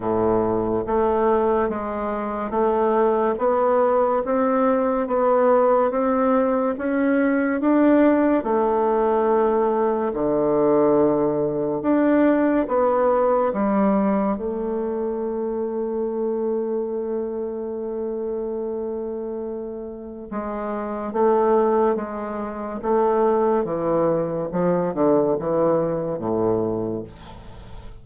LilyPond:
\new Staff \with { instrumentName = "bassoon" } { \time 4/4 \tempo 4 = 71 a,4 a4 gis4 a4 | b4 c'4 b4 c'4 | cis'4 d'4 a2 | d2 d'4 b4 |
g4 a2.~ | a1 | gis4 a4 gis4 a4 | e4 f8 d8 e4 a,4 | }